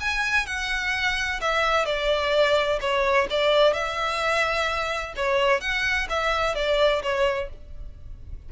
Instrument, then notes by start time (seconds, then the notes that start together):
violin
0.00 G#5
0.46 F#5
1.41 E5
1.86 D5
2.81 C#5
3.30 D5
3.73 E5
5.16 C#5
5.61 F#5
6.10 E5
6.55 D5
7.02 C#5